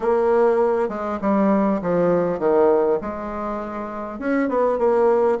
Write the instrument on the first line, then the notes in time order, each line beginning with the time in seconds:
bassoon
0.00 A#3
0.88 G#3
1.21 G3
1.81 F3
2.39 D#3
3.01 G#3
4.19 C#4
4.48 B3
4.78 A#3